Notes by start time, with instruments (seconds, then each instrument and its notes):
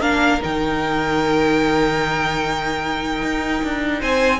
0.00 cello A#3, viola D4, violin A#4 F5
0.41 cello D#3, viola D#4, violin G5
3.22 cello D#4
3.64 cello D4
4.00 cello C4, violin C5 G#5